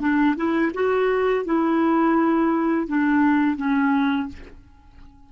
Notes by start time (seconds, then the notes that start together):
0.00 D4
0.36 E4
0.74 F#4
1.45 E4
2.87 D4
3.57 C#4